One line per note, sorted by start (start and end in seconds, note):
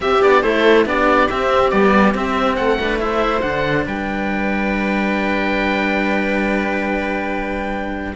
0.00 0.20 C4
0.00 0.22 C4
0.00 0.43 G4
0.00 0.22 E5
0.22 0.43 B3
0.22 0.42 D4
0.22 0.42 D5
0.42 0.85 A3
0.42 0.85 E4
0.42 0.86 A4
0.42 0.85 C5
0.85 1.28 B3
0.85 1.28 D4
0.85 2.57 G4
0.85 1.29 D5
1.29 1.71 C4
1.29 1.72 C4
1.29 1.70 E5
1.70 2.14 G3
1.70 2.14 B3
1.70 2.13 D5
2.14 2.57 C4
2.14 2.78 C4
2.14 2.55 E5
2.55 3.42 A3
2.55 2.78 A4
2.55 2.98 F#5
2.80 2.98 D4
2.80 3.01 B4
2.98 3.41 E4
2.98 3.86 C5
2.98 3.41 E5
3.41 3.85 D3
3.41 8.13 D4
3.41 3.83 F#5
3.86 8.15 G3
3.86 8.14 B4
3.86 8.15 G5